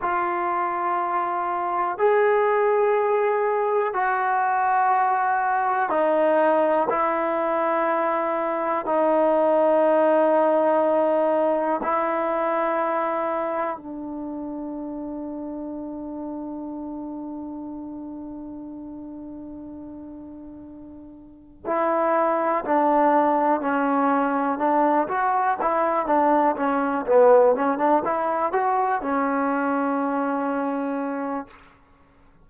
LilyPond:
\new Staff \with { instrumentName = "trombone" } { \time 4/4 \tempo 4 = 61 f'2 gis'2 | fis'2 dis'4 e'4~ | e'4 dis'2. | e'2 d'2~ |
d'1~ | d'2 e'4 d'4 | cis'4 d'8 fis'8 e'8 d'8 cis'8 b8 | cis'16 d'16 e'8 fis'8 cis'2~ cis'8 | }